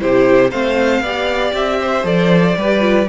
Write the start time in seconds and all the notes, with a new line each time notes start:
0.00 C3 E4 G4 C5
0.51 A3 C4 C5 F5
1.01 B3 G4 D5
1.53 C4 E5
1.81 C5
2.03 F3 A4 D5
2.57 G3 G4 B4
2.81 F4